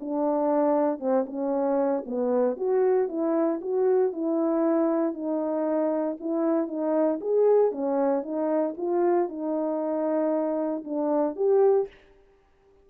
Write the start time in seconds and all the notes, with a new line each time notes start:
0.00 D4
0.99 C4
1.26 C#4
2.06 B3
2.57 F#4
3.08 E4
3.61 F#4
4.13 E4
5.13 D#4
6.20 E4
6.68 D#4
7.21 G#4
7.72 C#4
8.23 D#4
8.77 F4
9.29 D#4
10.84 D4
11.36 G4